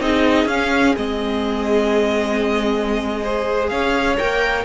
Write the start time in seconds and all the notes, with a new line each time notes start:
0.00 C4 D#4 G#4 D#5
0.45 C#4 F5
0.96 G#3 C4 D#5
3.23 G#4 C5
3.68 C#4 C#5 F5
4.17 A#3 A#4 G5